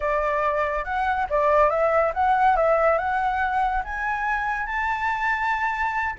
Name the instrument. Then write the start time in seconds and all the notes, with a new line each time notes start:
flute
0.00 D5
0.84 F#5
1.29 D5
1.69 E5
2.14 F#5
2.56 E5
2.97 F#5
3.84 G#5
4.66 A5